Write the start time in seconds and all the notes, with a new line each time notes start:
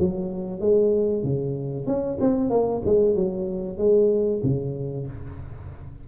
0.00 F#3
0.61 G#3
1.24 C#3
1.87 C#4
2.21 C4
2.50 A#3
2.86 G#3
3.16 F#3
3.78 G#3
4.44 C#3